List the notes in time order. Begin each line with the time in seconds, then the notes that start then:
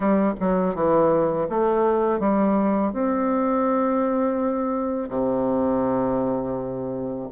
0.00 G3
0.40 F#3
0.75 E3
1.49 A3
2.19 G3
2.93 C4
5.09 C3